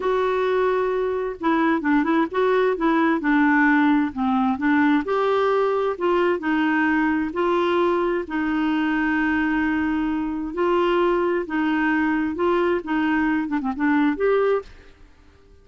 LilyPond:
\new Staff \with { instrumentName = "clarinet" } { \time 4/4 \tempo 4 = 131 fis'2. e'4 | d'8 e'8 fis'4 e'4 d'4~ | d'4 c'4 d'4 g'4~ | g'4 f'4 dis'2 |
f'2 dis'2~ | dis'2. f'4~ | f'4 dis'2 f'4 | dis'4. d'16 c'16 d'4 g'4 | }